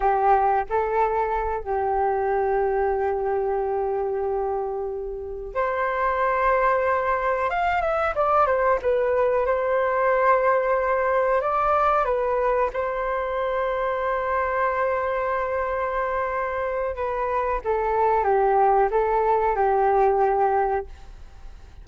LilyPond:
\new Staff \with { instrumentName = "flute" } { \time 4/4 \tempo 4 = 92 g'4 a'4. g'4.~ | g'1~ | g'8 c''2. f''8 | e''8 d''8 c''8 b'4 c''4.~ |
c''4. d''4 b'4 c''8~ | c''1~ | c''2 b'4 a'4 | g'4 a'4 g'2 | }